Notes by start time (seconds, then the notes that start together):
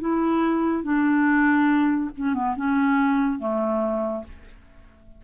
0.00 E4
0.83 D4
2.17 C#4
2.34 B3
2.56 C#4
3.39 A3